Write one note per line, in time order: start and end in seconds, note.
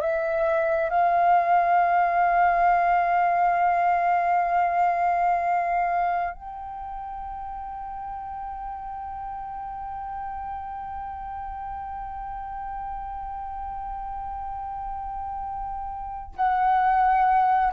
0.00 0.90 E5
0.90 6.33 F5
6.33 16.33 G5
16.36 17.72 F#5